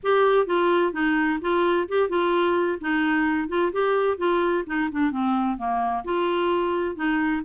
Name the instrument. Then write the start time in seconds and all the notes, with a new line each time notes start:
clarinet
0.03 G4
0.46 F4
0.92 D#4
1.41 F4
1.88 G4
2.09 F4
2.80 D#4
3.48 F4
3.72 G4
4.17 F4
4.66 D#4
4.91 D4
5.11 C4
5.57 A#3
6.04 F4
6.95 D#4